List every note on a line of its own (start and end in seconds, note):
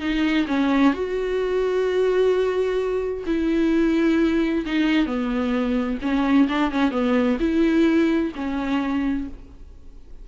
0.00 0.46 D#4
0.47 0.93 C#4
0.93 3.24 F#4
3.26 4.65 E4
4.66 5.06 D#4
5.06 5.98 B3
6.02 6.48 C#4
6.48 6.71 D4
6.71 6.91 C#4
6.91 7.37 B3
7.40 8.32 E4
8.35 9.27 C#4